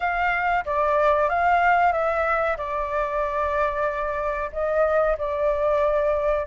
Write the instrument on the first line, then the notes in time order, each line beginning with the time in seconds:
flute
0.00 F5
0.65 D5
1.29 F5
1.92 E5
2.57 D5
4.52 D#5
5.18 D5